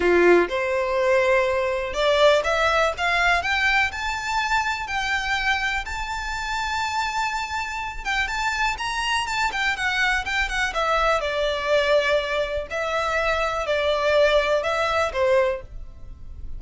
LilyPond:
\new Staff \with { instrumentName = "violin" } { \time 4/4 \tempo 4 = 123 f'4 c''2. | d''4 e''4 f''4 g''4 | a''2 g''2 | a''1~ |
a''8 g''8 a''4 ais''4 a''8 g''8 | fis''4 g''8 fis''8 e''4 d''4~ | d''2 e''2 | d''2 e''4 c''4 | }